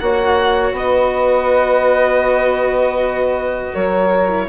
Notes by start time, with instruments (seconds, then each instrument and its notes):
0.00 bassoon A#3, cello F#4, saxophone C#5, violin F#5
0.73 bassoon B3, saxophone B4, violin D#5
3.72 bassoon F#3, saxophone A#4, violin C#5
4.28 cello E4